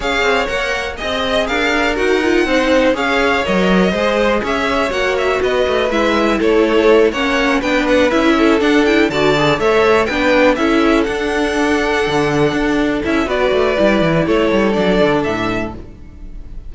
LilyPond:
<<
  \new Staff \with { instrumentName = "violin" } { \time 4/4 \tempo 4 = 122 f''4 fis''4 dis''4 f''4 | fis''2 f''4 dis''4~ | dis''4 e''4 fis''8 e''8 dis''4 | e''4 cis''4. fis''4 g''8 |
fis''8 e''4 fis''8 g''8 a''4 e''8~ | e''8 g''4 e''4 fis''4.~ | fis''2~ fis''8 e''8 d''4~ | d''4 cis''4 d''4 e''4 | }
  \new Staff \with { instrumentName = "violin" } { \time 4/4 cis''2 dis''4 ais'4~ | ais'4 c''4 cis''2 | c''4 cis''2 b'4~ | b'4 a'4. cis''4 b'8~ |
b'4 a'4. d''4 cis''8~ | cis''8 b'4 a'2~ a'8~ | a'2. b'4~ | b'4 a'2. | }
  \new Staff \with { instrumentName = "viola" } { \time 4/4 gis'4 ais'4 gis'2 | fis'8 f'8 dis'4 gis'4 ais'4 | gis'2 fis'2 | e'2~ e'8 cis'4 d'8~ |
d'8 e'4 d'8 e'8 fis'8 gis'8 a'8~ | a'8 d'4 e'4 d'4.~ | d'2~ d'8 e'8 fis'4 | e'2 d'2 | }
  \new Staff \with { instrumentName = "cello" } { \time 4/4 cis'8 c'8 ais4 c'4 d'4 | dis'4 c'4 cis'4 fis4 | gis4 cis'4 ais4 b8 a8 | gis4 a4. ais4 b8~ |
b8 cis'4 d'4 d4 a8~ | a8 b4 cis'4 d'4.~ | d'8 d4 d'4 cis'8 b8 a8 | g8 e8 a8 g8 fis8 d8 a,4 | }
>>